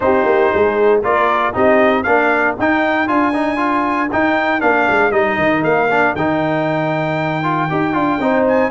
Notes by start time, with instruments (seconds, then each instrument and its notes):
0.00 tuba C4, trombone D#4, horn G4, trumpet C5
0.25 tuba A#3
0.53 tuba G#3, horn G#4
1.01 tuba A#3, trombone F4, horn A#4, trumpet D5
1.53 tuba C4, trombone D#4, horn G4, trumpet D#5
2.03 tuba A#3, trombone D4, horn A#4, trumpet F5
2.58 tuba D#4, trombone D#4, trumpet G5
3.07 tuba D4, trombone F4, trumpet G#5
3.33 trombone D#4
3.56 trombone F4
4.12 trombone D#4, tuba D#4, trumpet G5
4.60 tuba A#3, trombone D4, trumpet F5
4.89 tuba G#3
5.11 tuba G3, trombone D#4, trumpet D#5
5.37 tuba D#3
5.62 tuba A#3, trumpet F5
5.91 trombone D4
6.15 tuba D#3, trombone D#4, trumpet G5
7.43 trombone F4
7.69 tuba D#4, trombone G4
7.93 tuba D4, trombone F4
8.18 tuba C4, trombone D#4, horn C5
8.47 trumpet G#5